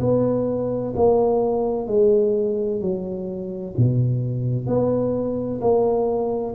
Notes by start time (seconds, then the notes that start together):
0.00 B3
0.96 A#3
1.87 G#3
2.81 F#3
3.77 B2
4.67 B3
5.61 A#3